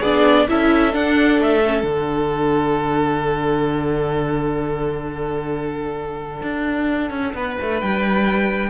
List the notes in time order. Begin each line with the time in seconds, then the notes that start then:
0.00 B3 D4 G#4 D5
0.48 C#4 E4 A4 E5
0.92 D4 F#5
1.39 A3 E5
1.65 C#4
1.83 D3 D4 F#5
6.42 D4
7.10 C#4
7.33 B3 B4
7.61 A3
7.81 G3 G5